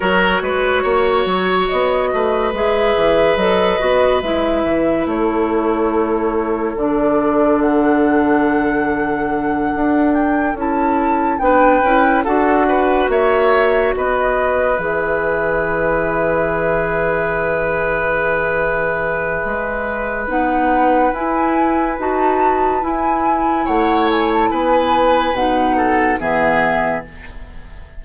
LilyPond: <<
  \new Staff \with { instrumentName = "flute" } { \time 4/4 \tempo 4 = 71 cis''2 dis''4 e''4 | dis''4 e''4 cis''2 | d''4 fis''2. | g''8 a''4 g''4 fis''4 e''8~ |
e''8 dis''4 e''2~ e''8~ | e''1 | fis''4 gis''4 a''4 gis''4 | fis''8 gis''16 a''16 gis''4 fis''4 e''4 | }
  \new Staff \with { instrumentName = "oboe" } { \time 4/4 ais'8 b'8 cis''4. b'4.~ | b'2 a'2~ | a'1~ | a'4. b'4 a'8 b'8 cis''8~ |
cis''8 b'2.~ b'8~ | b'1~ | b'1 | cis''4 b'4. a'8 gis'4 | }
  \new Staff \with { instrumentName = "clarinet" } { \time 4/4 fis'2. gis'4 | a'8 fis'8 e'2. | d'1~ | d'8 e'4 d'8 e'8 fis'4.~ |
fis'4. gis'2~ gis'8~ | gis'1 | dis'4 e'4 fis'4 e'4~ | e'2 dis'4 b4 | }
  \new Staff \with { instrumentName = "bassoon" } { \time 4/4 fis8 gis8 ais8 fis8 b8 a8 gis8 e8 | fis8 b8 gis8 e8 a2 | d2.~ d8 d'8~ | d'8 cis'4 b8 cis'8 d'4 ais8~ |
ais8 b4 e2~ e8~ | e2. gis4 | b4 e'4 dis'4 e'4 | a4 b4 b,4 e4 | }
>>